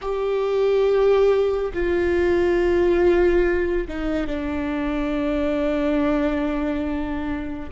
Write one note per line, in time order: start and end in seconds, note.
0.01 1.73 G4
1.73 3.87 F4
3.88 4.26 D#4
4.26 7.69 D4